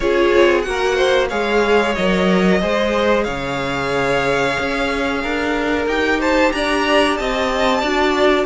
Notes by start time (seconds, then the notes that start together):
0.00 C#4 F4 G#4 C#5
0.35 C4
0.62 A#3 F#4 F#5
0.68 A#4
0.95 C5
1.28 G#3 G#4 C#5 F5
1.94 F#3 A#4 D#5
2.61 G#3 G#4 C5
3.24 C#3 C#5 F5
4.59 C#4
5.22 D4 A#4
5.85 D#4 G4 G5
6.19 C5 A5
6.52 D4 D5 A#5
7.16 C4 D#5 A5
7.80 D4 F#4 D5